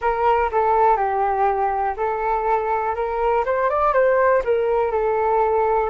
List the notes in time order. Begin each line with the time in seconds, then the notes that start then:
0.01 A#4
0.51 A4
0.97 G4
1.97 A4
2.95 A#4
3.45 C5
3.69 D5
3.93 C5
4.44 A#4
4.91 A4